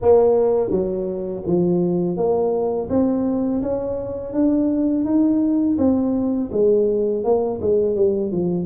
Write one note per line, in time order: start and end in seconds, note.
0.01 0.70 A#3
0.70 1.43 F#3
1.46 2.16 F3
2.16 2.88 A#3
2.89 3.61 C4
3.62 4.33 C#4
4.33 5.04 D4
5.04 5.77 D#4
5.78 6.50 C4
6.51 7.24 G#3
7.24 7.60 A#3
7.61 7.95 G#3
7.95 8.31 G3
8.31 8.66 F3